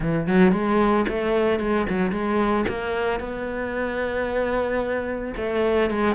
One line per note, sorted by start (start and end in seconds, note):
0.00 0.26 E3
0.26 0.52 F#3
0.52 1.05 G#3
1.08 1.59 A3
1.59 1.86 G#3
1.89 2.11 F#3
2.11 2.65 G#3
2.68 3.19 A#3
3.19 5.34 B3
5.36 5.90 A3
5.90 6.15 G#3